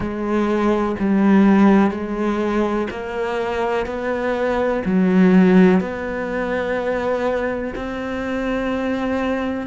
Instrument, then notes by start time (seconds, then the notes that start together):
cello
0.00 G#3
0.99 G3
1.90 G#3
2.90 A#3
3.86 B3
4.85 F#3
5.80 B3
7.75 C4